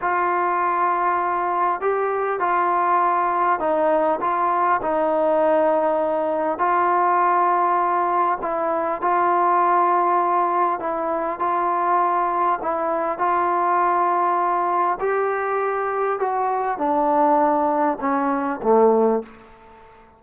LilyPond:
\new Staff \with { instrumentName = "trombone" } { \time 4/4 \tempo 4 = 100 f'2. g'4 | f'2 dis'4 f'4 | dis'2. f'4~ | f'2 e'4 f'4~ |
f'2 e'4 f'4~ | f'4 e'4 f'2~ | f'4 g'2 fis'4 | d'2 cis'4 a4 | }